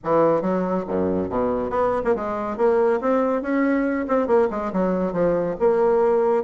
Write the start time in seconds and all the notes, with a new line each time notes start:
0.04 E3
0.41 F#3
0.87 F#2
1.29 B2
1.69 B3
2.04 A#3
2.15 G#3
2.57 A#3
3.00 C4
3.41 C#4
4.08 C4
4.27 A#3
4.50 G#3
4.72 F#3
5.13 F3
5.59 A#3